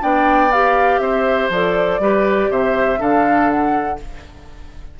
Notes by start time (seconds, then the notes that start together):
0.00 B3 D4 D5 G5
0.52 G4 F5
0.99 C4 C5 E5
1.50 F3 A4 D5
1.99 G3 G4 B4
2.50 C3 C5 E5
2.97 D3 D4 A4 F5
3.50 F#5